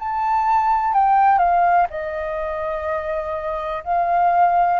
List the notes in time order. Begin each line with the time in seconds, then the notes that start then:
0.00 A5
0.94 G5
1.39 F5
1.90 D#5
3.84 F5